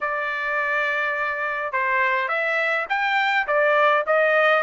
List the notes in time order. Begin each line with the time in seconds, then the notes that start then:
0.01 D5
1.72 C5
2.28 E5
2.89 G5
3.47 D5
4.06 D#5